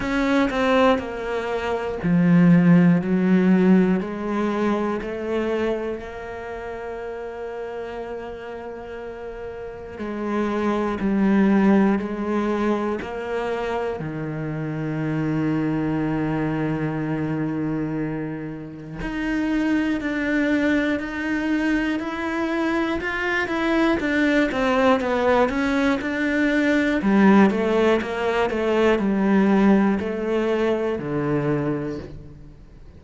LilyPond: \new Staff \with { instrumentName = "cello" } { \time 4/4 \tempo 4 = 60 cis'8 c'8 ais4 f4 fis4 | gis4 a4 ais2~ | ais2 gis4 g4 | gis4 ais4 dis2~ |
dis2. dis'4 | d'4 dis'4 e'4 f'8 e'8 | d'8 c'8 b8 cis'8 d'4 g8 a8 | ais8 a8 g4 a4 d4 | }